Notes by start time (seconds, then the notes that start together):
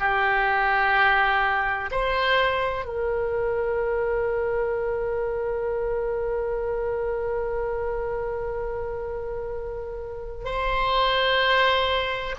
0.00 G4
1.92 C5
2.86 A#4
10.45 C5